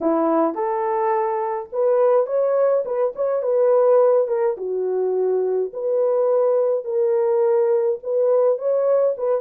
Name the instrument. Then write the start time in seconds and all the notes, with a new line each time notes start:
horn
0.00 E4
0.54 A4
1.72 B4
2.26 C#5
2.85 B4
3.15 C#5
3.42 B4
4.27 A#4
4.57 F#4
5.73 B4
6.84 A#4
8.03 B4
8.58 C#5
9.17 B4